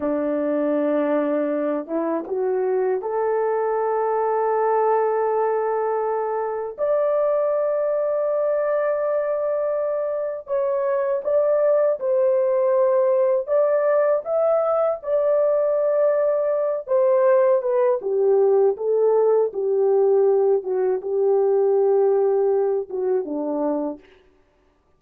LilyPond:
\new Staff \with { instrumentName = "horn" } { \time 4/4 \tempo 4 = 80 d'2~ d'8 e'8 fis'4 | a'1~ | a'4 d''2.~ | d''2 cis''4 d''4 |
c''2 d''4 e''4 | d''2~ d''8 c''4 b'8 | g'4 a'4 g'4. fis'8 | g'2~ g'8 fis'8 d'4 | }